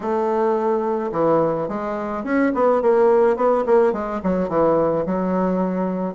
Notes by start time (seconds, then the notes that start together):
0.00 A3
1.12 E3
1.68 G#3
2.24 C#4
2.54 B3
2.82 A#3
3.36 B3
3.66 A#3
3.93 G#3
4.23 F#3
4.49 E3
5.06 F#3